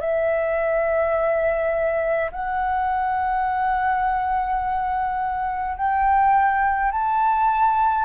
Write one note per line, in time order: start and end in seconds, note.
0.00 2.31 E5
2.32 5.77 F#5
5.77 6.92 G5
6.92 8.05 A5